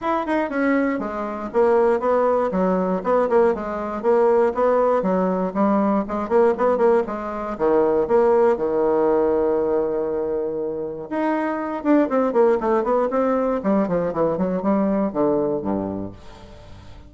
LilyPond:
\new Staff \with { instrumentName = "bassoon" } { \time 4/4 \tempo 4 = 119 e'8 dis'8 cis'4 gis4 ais4 | b4 fis4 b8 ais8 gis4 | ais4 b4 fis4 g4 | gis8 ais8 b8 ais8 gis4 dis4 |
ais4 dis2.~ | dis2 dis'4. d'8 | c'8 ais8 a8 b8 c'4 g8 f8 | e8 fis8 g4 d4 g,4 | }